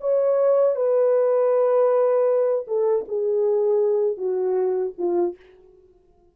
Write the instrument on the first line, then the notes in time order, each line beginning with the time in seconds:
horn
0.00 C#5
0.75 B4
2.67 A4
3.08 G#4
4.17 F#4
4.97 F4